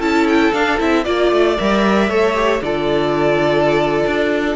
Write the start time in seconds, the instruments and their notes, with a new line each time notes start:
0.00 cello C#4, viola E4, violin A4 A5
0.28 violin G5
0.53 viola D4, cello D4, violin F5
0.79 cello C4, viola E4, violin E5
1.04 cello A#3, viola F4, violin D5
1.32 cello A3
1.58 cello G3, viola A#4, violin E5
2.09 cello A3, viola A4, violin C#5
2.35 viola G4
2.62 cello D3, viola F4, violin A4 D5
4.07 cello D4